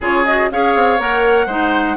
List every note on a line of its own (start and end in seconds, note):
0.00 0.50 C#3
0.00 0.26 F4
0.00 0.50 G#4
0.00 0.25 C#5
0.25 0.51 F#4
0.25 0.50 D#5
0.50 0.75 C#4
0.50 0.98 G#4
0.50 1.46 C#5
0.50 1.00 F5
0.75 0.99 C4
0.98 1.46 A#3
0.98 1.48 A#4
0.98 1.97 F#5
1.46 1.95 G#3
1.46 1.97 D#4
1.46 1.96 C5